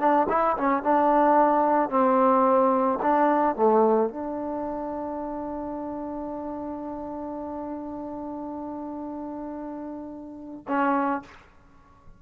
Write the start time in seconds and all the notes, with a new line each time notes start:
0.00 D4
0.30 E4
0.57 C#4
0.83 D4
1.90 C4
3.03 D4
3.56 A3
4.10 D4
10.68 C#4